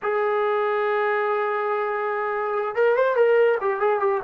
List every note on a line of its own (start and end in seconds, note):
0.02 2.75 G#4
2.75 2.95 A#4
2.95 3.16 C5
3.16 3.58 A#4
3.60 3.80 G4
3.80 3.99 G#4
3.99 4.20 G4